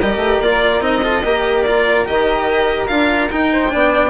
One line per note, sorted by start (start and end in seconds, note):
0.00 0.17 G3
0.00 0.44 G4
0.00 1.03 A#4
0.00 0.41 D#5
0.17 0.37 A3
0.41 0.80 A#3
0.41 0.81 F4
0.41 0.82 D5
0.80 1.22 C4
0.80 1.02 D#4
0.80 1.63 D#5
1.03 1.23 F4
1.03 1.24 A4
1.25 2.07 A#3
1.25 1.66 G4
1.25 3.53 A#4
1.63 2.05 F4
1.63 2.04 D5
2.05 2.89 D#3
2.05 2.88 G4
2.05 2.87 D#5
2.87 3.31 D4
2.87 3.30 F4
2.87 3.29 F5
3.31 3.69 D#4
3.31 3.73 D#4
3.31 4.10 G5
3.53 3.72 C5
3.69 4.10 B3
3.69 4.10 D4
3.69 4.10 D5